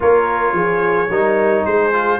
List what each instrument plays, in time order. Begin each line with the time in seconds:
0.00 tuba A#3, trombone F4, horn A#4, trumpet C#5
0.53 tuba F3, horn G#4
1.09 tuba G3, trombone D#4, horn A#4
1.65 tuba G#3, horn G#4, trumpet C5
1.92 trombone F4